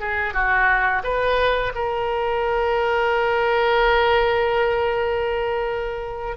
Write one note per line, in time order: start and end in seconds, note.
0.00 0.34 G#4
0.34 1.03 F#4
1.04 1.73 B4
1.75 6.37 A#4